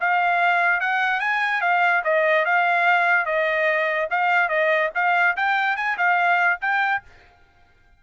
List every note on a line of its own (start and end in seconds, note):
0.00 0.80 F5
0.80 1.20 F#5
1.20 1.61 G#5
1.61 2.03 F5
2.04 2.45 D#5
2.45 3.26 F5
3.26 4.08 D#5
4.10 4.49 F5
4.49 4.90 D#5
4.94 5.36 F5
5.36 5.76 G5
5.76 5.97 G#5
5.97 6.59 F5
6.61 7.02 G5